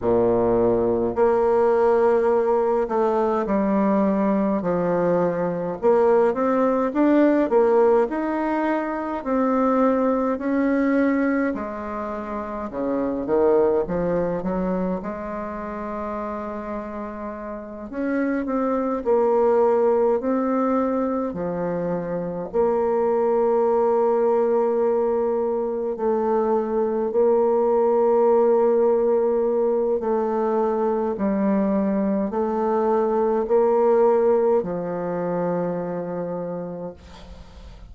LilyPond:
\new Staff \with { instrumentName = "bassoon" } { \time 4/4 \tempo 4 = 52 ais,4 ais4. a8 g4 | f4 ais8 c'8 d'8 ais8 dis'4 | c'4 cis'4 gis4 cis8 dis8 | f8 fis8 gis2~ gis8 cis'8 |
c'8 ais4 c'4 f4 ais8~ | ais2~ ais8 a4 ais8~ | ais2 a4 g4 | a4 ais4 f2 | }